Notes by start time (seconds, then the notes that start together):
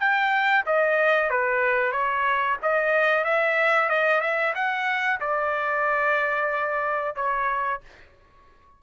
0.00 G5
0.66 D#5
1.30 B4
1.92 C#5
2.63 D#5
3.25 E5
3.90 D#5
4.21 E5
4.55 F#5
5.21 D5
7.16 C#5